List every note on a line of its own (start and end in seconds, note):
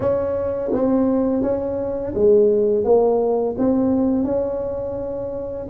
0.00 0.70 C#4
0.72 1.42 C4
1.42 2.13 C#4
2.14 2.84 G#3
2.84 3.55 A#3
3.57 4.24 C4
4.24 5.67 C#4